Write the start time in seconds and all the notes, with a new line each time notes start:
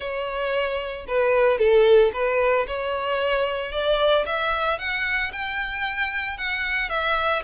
0.00 C#5
1.07 B4
1.58 A4
2.13 B4
2.67 C#5
3.72 D5
4.26 E5
4.78 F#5
5.32 G5
6.37 F#5
6.89 E5